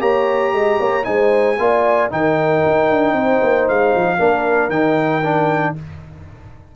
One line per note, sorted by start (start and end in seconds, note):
0.00 0.53 A#3
0.00 1.04 G4
0.00 0.54 C#5
0.00 1.05 A#5
0.53 0.79 G#3
0.53 0.80 D#5
0.80 1.07 A#3
0.80 1.06 C#5
1.04 1.59 G#3
1.04 1.56 D#4
1.04 1.59 C5
1.04 2.09 G#5
1.59 2.11 A#3
1.59 2.10 F4
1.59 2.13 D5
2.10 2.64 D#3
2.10 4.18 D#4
2.10 3.17 A#4
2.10 3.69 G5
2.66 2.90 D#4
2.90 3.13 D4
3.13 3.39 C4
3.13 4.18 C5
3.42 3.69 A#3
3.69 3.95 G#3
3.69 4.70 F5
3.96 4.19 F3
4.18 4.70 A#3
4.18 4.71 D4
4.18 5.75 A#4
4.70 5.74 D#3
4.70 5.23 D#4
4.70 5.75 G5
5.24 5.76 D4